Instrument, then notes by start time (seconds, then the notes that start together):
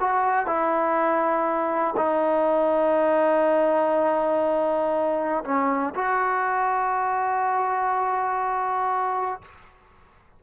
trombone
0.00 F#4
0.46 E4
1.97 D#4
5.45 C#4
5.95 F#4